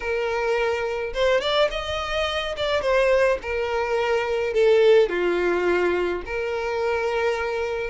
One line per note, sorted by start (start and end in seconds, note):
0.00 1.13 A#4
1.13 1.40 C5
1.40 1.69 D5
1.70 2.55 D#5
2.56 2.81 D5
2.81 3.38 C5
3.42 4.53 A#4
4.53 5.09 A4
5.09 6.22 F4
6.25 7.90 A#4